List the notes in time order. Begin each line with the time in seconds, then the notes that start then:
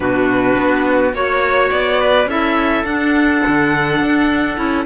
0.00 B2 D4 F#4 B4
0.57 B3
1.13 A#3 F#4 C#5
1.71 B3 D5
2.00 B4
2.25 C#4 E4 A4 E5
2.84 D4 F#5
3.47 D3
4.01 D4
4.55 C#4 E4